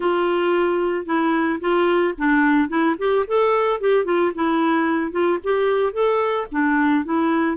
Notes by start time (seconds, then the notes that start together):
0.00 F4
1.05 E4
1.60 F4
2.17 D4
2.68 E4
2.98 G4
3.27 A4
3.80 G4
4.04 F4
4.34 E4
5.11 F4
5.43 G4
5.92 A4
6.51 D4
7.04 E4